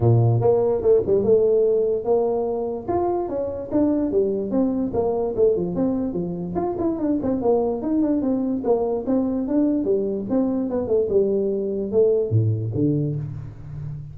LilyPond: \new Staff \with { instrumentName = "tuba" } { \time 4/4 \tempo 4 = 146 ais,4 ais4 a8 g8 a4~ | a4 ais2 f'4 | cis'4 d'4 g4 c'4 | ais4 a8 f8 c'4 f4 |
f'8 e'8 d'8 c'8 ais4 dis'8 d'8 | c'4 ais4 c'4 d'4 | g4 c'4 b8 a8 g4~ | g4 a4 a,4 d4 | }